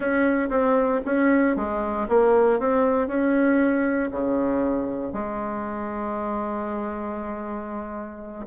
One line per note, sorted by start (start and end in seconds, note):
0.00 0.49 C#4
0.49 1.00 C4
1.05 1.56 C#4
1.56 2.07 G#3
2.08 2.59 A#3
2.59 3.07 C4
3.07 4.10 C#4
4.11 5.12 C#3
5.12 8.46 G#3